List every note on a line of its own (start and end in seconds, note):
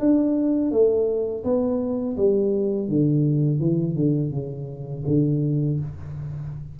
0.00 0.72 D4
0.72 1.44 A3
1.44 2.17 B3
2.17 2.89 G3
2.89 3.60 D3
3.60 3.96 E3
3.96 4.31 D3
4.31 5.04 C#3
5.08 5.80 D3